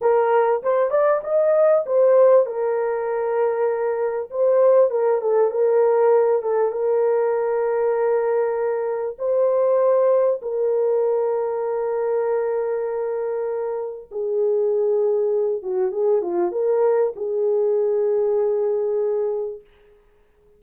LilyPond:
\new Staff \with { instrumentName = "horn" } { \time 4/4 \tempo 4 = 98 ais'4 c''8 d''8 dis''4 c''4 | ais'2. c''4 | ais'8 a'8 ais'4. a'8 ais'4~ | ais'2. c''4~ |
c''4 ais'2.~ | ais'2. gis'4~ | gis'4. fis'8 gis'8 f'8 ais'4 | gis'1 | }